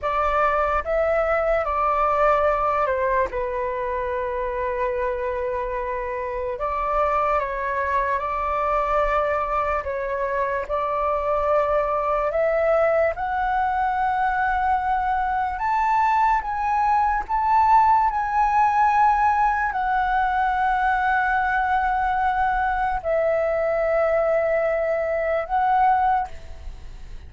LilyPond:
\new Staff \with { instrumentName = "flute" } { \time 4/4 \tempo 4 = 73 d''4 e''4 d''4. c''8 | b'1 | d''4 cis''4 d''2 | cis''4 d''2 e''4 |
fis''2. a''4 | gis''4 a''4 gis''2 | fis''1 | e''2. fis''4 | }